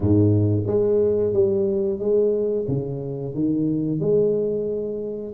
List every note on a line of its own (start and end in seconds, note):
0.00 0.63 G#2
0.66 1.33 G#3
1.33 1.98 G3
1.98 2.65 G#3
2.68 3.34 C#3
3.34 4.00 D#3
4.00 5.33 G#3